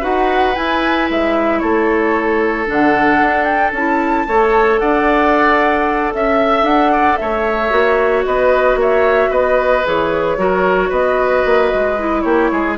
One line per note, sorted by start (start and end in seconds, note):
0.00 0.56 D#4
0.00 0.54 F#4
0.00 1.59 B4
0.00 0.55 F#5
0.55 2.66 E4
0.55 1.10 E4
0.55 1.08 G#5
1.10 1.62 G#3
1.10 1.59 E5
1.59 2.68 A3
1.59 4.27 A4
1.59 2.65 C#5
2.66 3.20 D3
2.66 3.72 D4
2.66 3.44 F#5
3.20 3.72 D4
3.44 3.70 G5
3.72 4.25 C#4
3.72 4.27 E4
3.72 4.79 A5
4.27 4.80 A3
4.27 7.70 A4
4.27 4.81 C#5
4.79 6.13 D4
4.79 6.13 D5
4.79 6.12 F#5
6.13 6.62 C#4
6.13 6.66 E5
6.13 6.91 E5
6.62 7.16 D4
6.62 7.16 F#5
6.91 7.18 D5
7.16 7.71 A3
7.16 8.26 C#5
7.16 8.23 E5
7.70 8.24 A#3
7.70 9.82 F#4
8.25 8.75 B3
8.25 8.79 B4
8.25 8.78 D#5
8.75 9.28 A#3
8.75 9.30 C#5
8.81 9.33 E5
9.30 9.83 B3
9.30 10.36 B4
9.30 9.86 D#5
9.84 10.37 E3
9.84 10.37 G#4
9.84 10.91 C#5
10.37 10.90 F#3
10.37 11.97 F#4
10.37 10.89 A#4
10.89 11.44 B3
10.89 12.22 B4
10.89 12.21 D#5
11.45 11.72 A#3
11.74 12.24 G#3
11.98 12.77 E4
12.21 12.50 A#3
12.21 12.50 G4
12.21 12.74 C#5
12.52 12.78 G#3
12.52 12.78 G#4